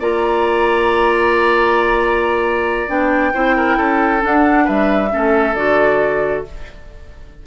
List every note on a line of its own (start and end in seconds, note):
0.00 2.89 A#3
0.00 2.88 F4
0.00 3.33 D5
0.00 2.90 A#5
2.88 3.33 B3
2.88 3.33 D4
2.88 4.23 G5
3.34 3.78 C4
3.34 4.21 E4
3.34 3.56 C5
3.57 3.77 A#4
3.77 4.22 C#4
3.77 4.65 A4
4.21 5.10 D4
4.21 4.69 D4
4.21 4.68 F#5
4.65 5.13 G3
4.65 5.09 B4
4.65 5.55 E5
5.10 5.55 A3
5.10 5.55 C#4
5.10 6.47 A4
5.55 6.44 D3
5.55 6.45 F#4
5.55 6.44 D5